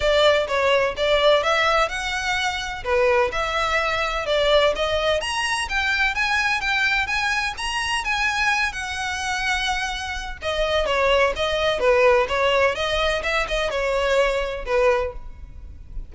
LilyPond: \new Staff \with { instrumentName = "violin" } { \time 4/4 \tempo 4 = 127 d''4 cis''4 d''4 e''4 | fis''2 b'4 e''4~ | e''4 d''4 dis''4 ais''4 | g''4 gis''4 g''4 gis''4 |
ais''4 gis''4. fis''4.~ | fis''2 dis''4 cis''4 | dis''4 b'4 cis''4 dis''4 | e''8 dis''8 cis''2 b'4 | }